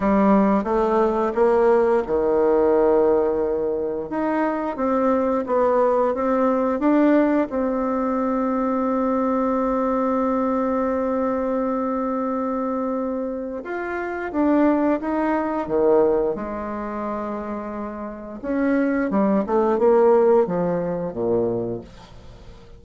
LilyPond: \new Staff \with { instrumentName = "bassoon" } { \time 4/4 \tempo 4 = 88 g4 a4 ais4 dis4~ | dis2 dis'4 c'4 | b4 c'4 d'4 c'4~ | c'1~ |
c'1 | f'4 d'4 dis'4 dis4 | gis2. cis'4 | g8 a8 ais4 f4 ais,4 | }